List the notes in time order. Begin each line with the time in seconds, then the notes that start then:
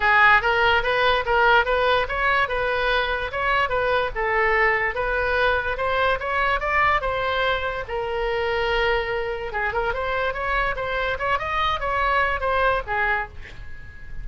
0.00 G#4
0.41 A#4
0.83 B4
1.25 A#4
1.65 B4
2.08 C#5
2.48 B4
3.31 C#5
3.69 B4
4.15 A4
4.94 B4
5.77 C5
6.19 C#5
6.60 D5
7.01 C5
7.88 A#4
9.52 G#4
9.73 A#4
9.93 C5
10.33 C#5
10.76 C5
11.19 C#5
11.38 D#5
11.80 C#5
12.40 C5
12.86 G#4